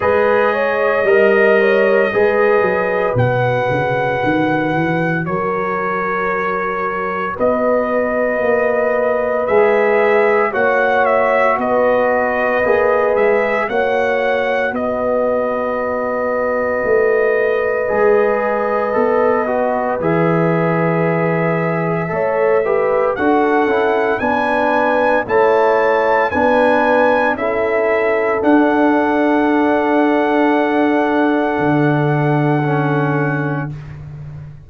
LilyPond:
<<
  \new Staff \with { instrumentName = "trumpet" } { \time 4/4 \tempo 4 = 57 dis''2. fis''4~ | fis''4 cis''2 dis''4~ | dis''4 e''4 fis''8 e''8 dis''4~ | dis''8 e''8 fis''4 dis''2~ |
dis''2. e''4~ | e''2 fis''4 gis''4 | a''4 gis''4 e''4 fis''4~ | fis''1 | }
  \new Staff \with { instrumentName = "horn" } { \time 4/4 b'8 cis''8 dis''8 cis''8 b'2~ | b'4 ais'2 b'4~ | b'2 cis''4 b'4~ | b'4 cis''4 b'2~ |
b'1~ | b'4 cis''8 b'8 a'4 b'4 | cis''4 b'4 a'2~ | a'1 | }
  \new Staff \with { instrumentName = "trombone" } { \time 4/4 gis'4 ais'4 gis'4 fis'4~ | fis'1~ | fis'4 gis'4 fis'2 | gis'4 fis'2.~ |
fis'4 gis'4 a'8 fis'8 gis'4~ | gis'4 a'8 g'8 fis'8 e'8 d'4 | e'4 d'4 e'4 d'4~ | d'2. cis'4 | }
  \new Staff \with { instrumentName = "tuba" } { \time 4/4 gis4 g4 gis8 fis8 b,8 cis8 | dis8 e8 fis2 b4 | ais4 gis4 ais4 b4 | ais8 gis8 ais4 b2 |
a4 gis4 b4 e4~ | e4 a4 d'8 cis'8 b4 | a4 b4 cis'4 d'4~ | d'2 d2 | }
>>